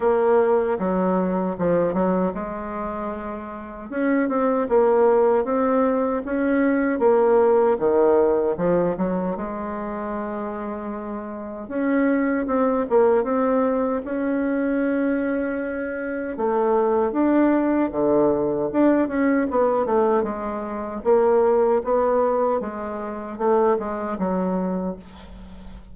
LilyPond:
\new Staff \with { instrumentName = "bassoon" } { \time 4/4 \tempo 4 = 77 ais4 fis4 f8 fis8 gis4~ | gis4 cis'8 c'8 ais4 c'4 | cis'4 ais4 dis4 f8 fis8 | gis2. cis'4 |
c'8 ais8 c'4 cis'2~ | cis'4 a4 d'4 d4 | d'8 cis'8 b8 a8 gis4 ais4 | b4 gis4 a8 gis8 fis4 | }